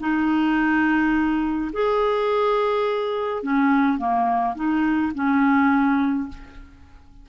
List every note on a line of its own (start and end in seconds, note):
0.00 1.71 D#4
1.73 3.43 G#4
3.43 3.98 C#4
3.98 4.55 A#3
4.55 5.12 D#4
5.14 6.29 C#4